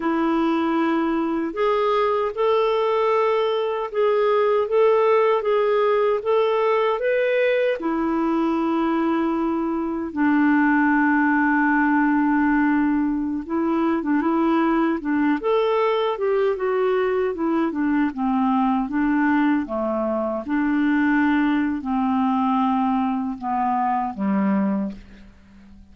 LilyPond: \new Staff \with { instrumentName = "clarinet" } { \time 4/4 \tempo 4 = 77 e'2 gis'4 a'4~ | a'4 gis'4 a'4 gis'4 | a'4 b'4 e'2~ | e'4 d'2.~ |
d'4~ d'16 e'8. d'16 e'4 d'8 a'16~ | a'8. g'8 fis'4 e'8 d'8 c'8.~ | c'16 d'4 a4 d'4.~ d'16 | c'2 b4 g4 | }